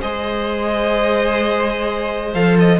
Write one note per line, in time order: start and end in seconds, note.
0.00 2.34 G#3
0.00 2.34 G#4
0.00 2.79 C5
0.00 2.34 D#5
2.34 2.80 F3
2.34 2.80 A4
2.34 2.57 F5
2.59 2.80 D#5